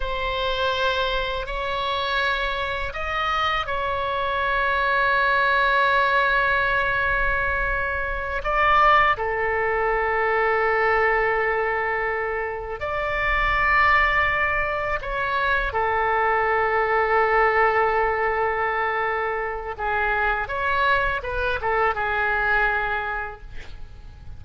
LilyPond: \new Staff \with { instrumentName = "oboe" } { \time 4/4 \tempo 4 = 82 c''2 cis''2 | dis''4 cis''2.~ | cis''2.~ cis''8 d''8~ | d''8 a'2.~ a'8~ |
a'4. d''2~ d''8~ | d''8 cis''4 a'2~ a'8~ | a'2. gis'4 | cis''4 b'8 a'8 gis'2 | }